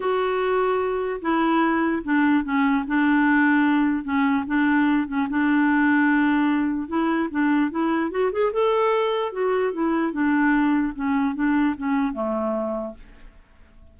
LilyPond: \new Staff \with { instrumentName = "clarinet" } { \time 4/4 \tempo 4 = 148 fis'2. e'4~ | e'4 d'4 cis'4 d'4~ | d'2 cis'4 d'4~ | d'8 cis'8 d'2.~ |
d'4 e'4 d'4 e'4 | fis'8 gis'8 a'2 fis'4 | e'4 d'2 cis'4 | d'4 cis'4 a2 | }